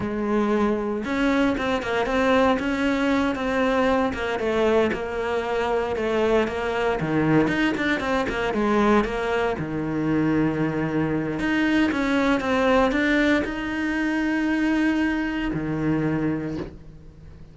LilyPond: \new Staff \with { instrumentName = "cello" } { \time 4/4 \tempo 4 = 116 gis2 cis'4 c'8 ais8 | c'4 cis'4. c'4. | ais8 a4 ais2 a8~ | a8 ais4 dis4 dis'8 d'8 c'8 |
ais8 gis4 ais4 dis4.~ | dis2 dis'4 cis'4 | c'4 d'4 dis'2~ | dis'2 dis2 | }